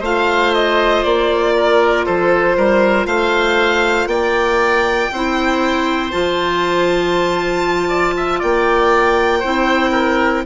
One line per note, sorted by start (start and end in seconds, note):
0.00 1.03 A3
0.00 5.11 F4
0.00 1.53 C5
0.00 0.54 F5
0.54 1.03 D#5
1.03 2.06 A#3
1.03 2.05 D5
1.56 2.05 A#4
2.05 2.57 F3
2.05 2.56 A4
2.05 3.06 C5
2.57 3.06 G3
2.57 3.07 A#4
3.06 4.06 A3
3.06 4.08 C5
3.06 4.07 F5
4.06 5.08 A#3
4.06 5.11 D5
4.06 6.11 G5
5.11 6.13 C4
5.11 6.11 E4
5.11 7.88 C5
6.11 8.42 F3
6.11 9.42 F4
6.11 8.40 A5
7.88 8.14 D5
8.16 8.39 E5
8.39 9.44 A#3
8.39 9.39 D5
8.39 10.45 G5
9.39 10.46 C4
9.39 10.45 E4
9.39 9.90 C5
9.92 10.42 A#4